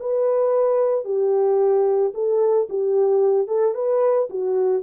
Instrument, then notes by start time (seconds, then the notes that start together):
horn
0.00 B4
1.05 G4
2.14 A4
2.70 G4
3.48 A4
3.75 B4
4.30 F#4